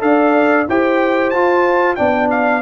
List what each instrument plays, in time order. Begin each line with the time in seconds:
0.00 tuba D4, trombone A4, horn D5, trumpet F5
0.68 tuba E4, trombone G4, horn C5, trumpet G5
1.30 tuba F4, trombone F4, trumpet A5
1.96 tuba B3, trombone D4, horn D5, trumpet G5
2.30 trumpet F5